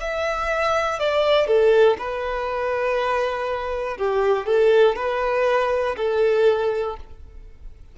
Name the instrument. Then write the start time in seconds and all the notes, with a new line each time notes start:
violin
0.00 E5
1.00 D5
1.47 A4
1.98 B4
3.97 G4
4.46 A4
4.96 B4
5.97 A4